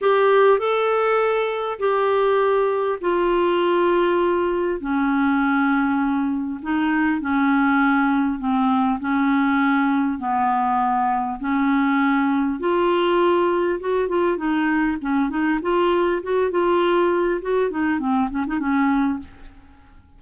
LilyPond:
\new Staff \with { instrumentName = "clarinet" } { \time 4/4 \tempo 4 = 100 g'4 a'2 g'4~ | g'4 f'2. | cis'2. dis'4 | cis'2 c'4 cis'4~ |
cis'4 b2 cis'4~ | cis'4 f'2 fis'8 f'8 | dis'4 cis'8 dis'8 f'4 fis'8 f'8~ | f'4 fis'8 dis'8 c'8 cis'16 dis'16 cis'4 | }